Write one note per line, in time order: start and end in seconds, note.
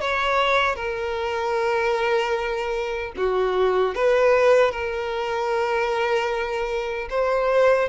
0.00 0.75 C#5
0.75 3.12 A#4
3.17 3.95 F#4
3.95 4.71 B4
4.71 7.08 A#4
7.10 7.88 C5